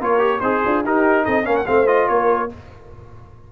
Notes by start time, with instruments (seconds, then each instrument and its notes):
0.00 tuba A#3, trombone F4, horn A#4, trumpet C#5
0.18 trombone G4
0.40 tuba C4, horn D#4, trombone G#4, trumpet C5
0.64 tuba D4, horn F4
0.84 tuba D#4, trombone D#4, horn G4, trumpet A#4
1.24 tuba C4, horn A4, trumpet D#5
1.44 tuba A#3, trombone C#4, horn A#4, trumpet F5
1.55 trumpet F#5
1.66 tuba A3, trombone C4, horn C5, trumpet F5
1.86 trombone F4, trumpet D#5
2.08 tuba A#3, horn A#4, trumpet C#5